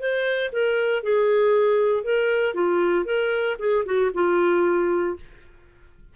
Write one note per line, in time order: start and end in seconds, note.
0.00 0.51 C5
0.53 1.03 A#4
1.03 2.04 G#4
2.04 2.55 A#4
2.55 3.06 F4
3.06 3.57 A#4
3.59 3.85 G#4
3.86 4.11 F#4
4.14 5.17 F4